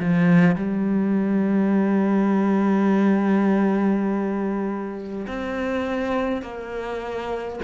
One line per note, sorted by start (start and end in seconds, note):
0.00 0.56 F3
0.56 5.26 G3
5.27 6.42 C4
6.42 7.59 A#3